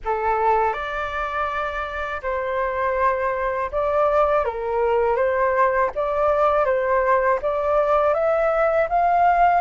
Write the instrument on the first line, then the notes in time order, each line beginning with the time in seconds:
flute
0.04 A4
0.73 D5
2.22 C5
3.71 D5
4.44 A#4
5.16 C5
5.95 D5
6.65 C5
7.41 D5
8.13 E5
8.89 F5